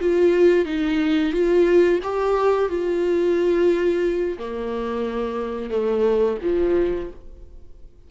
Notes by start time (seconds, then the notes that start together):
0.00 F4
0.65 D#4
1.32 F4
2.03 G4
2.69 F4
4.38 A#3
5.70 A3
6.42 F3